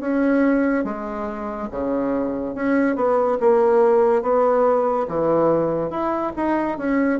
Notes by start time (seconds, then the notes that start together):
0.00 C#4
0.84 G#3
1.71 C#3
2.55 C#4
2.95 B3
3.40 A#3
4.22 B3
5.07 E3
5.90 E4
6.36 D#4
6.77 C#4